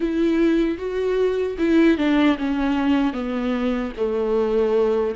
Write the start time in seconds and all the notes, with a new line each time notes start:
0.00 E4
0.78 F#4
1.58 E4
1.97 D4
2.38 C#4
3.13 B3
3.97 A3